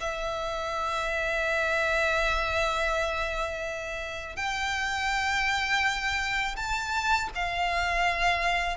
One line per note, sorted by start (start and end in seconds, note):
0.00 4.36 E5
4.36 6.56 G5
6.57 7.30 A5
7.35 8.77 F5